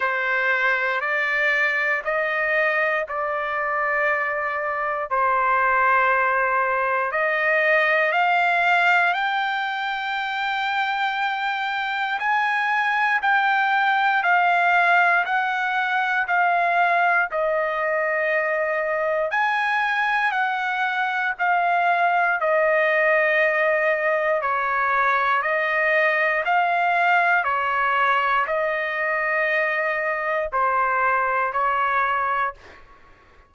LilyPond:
\new Staff \with { instrumentName = "trumpet" } { \time 4/4 \tempo 4 = 59 c''4 d''4 dis''4 d''4~ | d''4 c''2 dis''4 | f''4 g''2. | gis''4 g''4 f''4 fis''4 |
f''4 dis''2 gis''4 | fis''4 f''4 dis''2 | cis''4 dis''4 f''4 cis''4 | dis''2 c''4 cis''4 | }